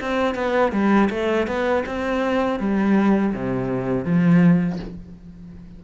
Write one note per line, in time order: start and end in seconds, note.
0.00 0.35 C4
0.35 0.72 B3
0.72 1.09 G3
1.10 1.47 A3
1.47 1.84 B3
1.86 2.59 C4
2.59 3.33 G3
3.34 4.05 C3
4.05 4.79 F3